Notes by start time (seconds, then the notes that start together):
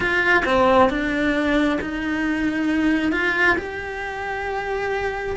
0.00 F4
0.45 C4
0.90 D4
1.81 D#4
3.12 F4
3.57 G4